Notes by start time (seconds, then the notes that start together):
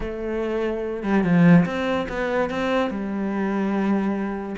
0.00 A3
1.03 G3
1.23 F3
1.65 C4
2.08 B3
2.49 C4
2.90 G3